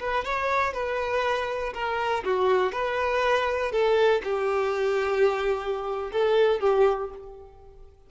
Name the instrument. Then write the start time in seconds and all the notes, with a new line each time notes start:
violin
0.00 B4
0.25 C#5
0.74 B4
1.74 A#4
2.24 F#4
2.72 B4
3.72 A4
4.24 G4
6.12 A4
6.60 G4